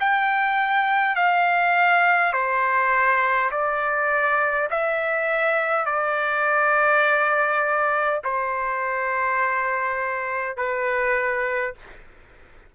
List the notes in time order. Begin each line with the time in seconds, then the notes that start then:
0.00 G5
1.16 F5
2.33 C5
3.51 D5
4.70 E5
5.86 D5
8.24 C5
10.57 B4